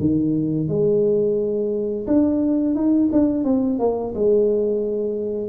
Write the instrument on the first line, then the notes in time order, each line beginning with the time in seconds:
tuba
0.00 D#3
0.68 G#3
2.07 D4
2.75 D#4
3.12 D4
3.45 C4
3.79 A#3
4.15 G#3